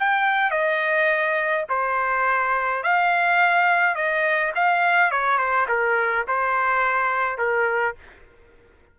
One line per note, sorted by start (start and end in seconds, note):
0.00 0.51 G5
0.51 1.66 D#5
1.70 2.83 C5
2.83 3.96 F5
3.96 4.53 D#5
4.56 5.12 F5
5.12 5.38 C#5
5.38 5.67 C5
5.69 6.26 A#4
6.28 7.38 C5
7.38 7.96 A#4